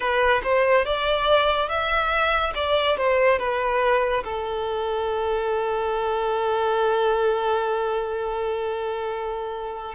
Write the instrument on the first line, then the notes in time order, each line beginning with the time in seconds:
violin
0.00 B4
0.43 C5
0.85 D5
1.69 E5
2.54 D5
2.97 C5
3.38 B4
4.23 A4